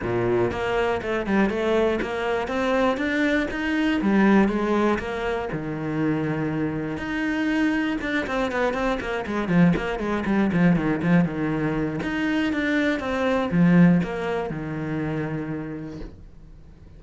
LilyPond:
\new Staff \with { instrumentName = "cello" } { \time 4/4 \tempo 4 = 120 ais,4 ais4 a8 g8 a4 | ais4 c'4 d'4 dis'4 | g4 gis4 ais4 dis4~ | dis2 dis'2 |
d'8 c'8 b8 c'8 ais8 gis8 f8 ais8 | gis8 g8 f8 dis8 f8 dis4. | dis'4 d'4 c'4 f4 | ais4 dis2. | }